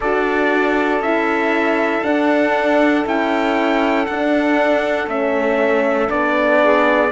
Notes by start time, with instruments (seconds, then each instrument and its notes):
0.00 cello D4, horn F#4, saxophone A4, trumpet D5
0.99 cello C#4, horn E4, trumpet E5
2.03 horn D4, cello D4, trumpet F#5
3.05 cello C#4, horn E4, trumpet G5
4.06 cello D4, horn D4, trumpet F#5
5.07 cello A3, horn C#4, trumpet E5
6.08 cello B3, horn D4, trumpet D5
6.63 saxophone G#4